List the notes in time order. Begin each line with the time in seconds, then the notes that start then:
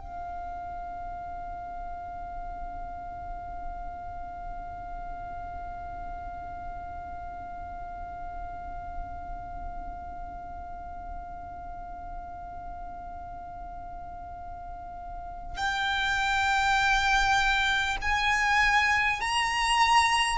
0.00 F5
15.57 G5
18.02 G#5
19.21 A#5